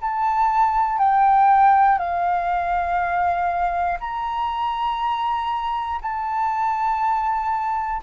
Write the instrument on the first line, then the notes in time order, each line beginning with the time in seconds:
flute
0.00 A5
0.98 G5
1.98 F5
4.00 A#5
6.01 A5